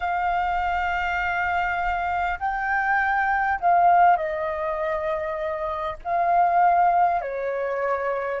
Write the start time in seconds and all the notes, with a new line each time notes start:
0.00 F5
2.39 G5
3.60 F5
4.17 D#5
6.04 F5
7.21 C#5